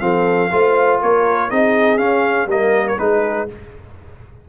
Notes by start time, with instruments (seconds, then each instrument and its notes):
0.00 tuba F3, trombone C4, horn A4, trumpet F5
0.51 tuba A3, trombone F4, horn C5
1.01 tuba A#3, horn A#4, trumpet C#5
1.50 tuba C4, trombone D#4, horn G#4, trumpet D#5
1.98 trombone C#4, tuba C#4, trumpet F5
2.46 tuba G3, trombone A#3, horn A#4, trumpet D#5
2.88 trumpet C#5
2.98 tuba G#3, trombone D#4, horn G#4, trumpet B4